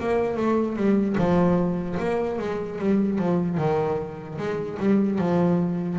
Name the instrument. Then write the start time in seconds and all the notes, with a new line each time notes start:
double bass
0.00 A#3
0.37 A3
0.76 G3
1.18 F3
2.00 A#3
2.39 G#3
2.79 G3
3.19 F3
3.58 D#3
4.38 G#3
4.79 G3
5.19 F3